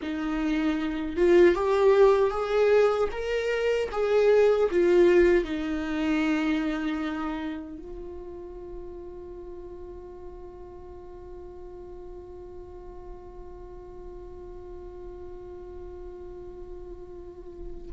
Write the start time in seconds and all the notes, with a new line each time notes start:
0.01 D#4
1.16 F4
1.54 G4
2.31 G#4
3.11 A#4
3.91 G#4
4.71 F4
5.44 D#4
7.77 F4